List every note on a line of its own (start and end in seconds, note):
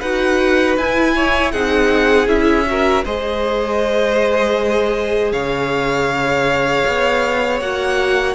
0.00 0.77 D#4
0.00 0.79 F#4
0.00 1.14 B4
0.00 0.76 F#5
0.77 1.53 E4
0.77 1.54 E4
0.77 1.51 G#5
1.15 1.52 C#5
1.51 2.27 C4
1.51 2.27 D#4
1.51 2.66 G#4
1.51 2.27 F#5
2.27 3.03 C#4
2.27 2.65 E4
2.27 3.04 E5
2.67 3.05 F#4
2.67 3.05 A#4
3.05 5.32 G#3
3.05 7.61 G#4
3.05 5.32 C5
3.05 5.32 D#5
5.32 6.84 C#3
5.32 8.35 C#5
5.32 7.60 F5
6.87 7.61 B3
7.60 8.35 A#3
7.60 8.35 F#4
7.60 8.35 F#5